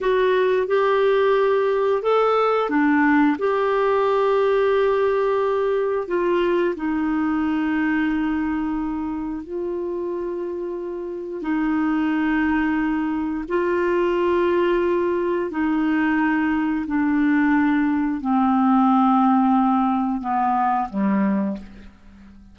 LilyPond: \new Staff \with { instrumentName = "clarinet" } { \time 4/4 \tempo 4 = 89 fis'4 g'2 a'4 | d'4 g'2.~ | g'4 f'4 dis'2~ | dis'2 f'2~ |
f'4 dis'2. | f'2. dis'4~ | dis'4 d'2 c'4~ | c'2 b4 g4 | }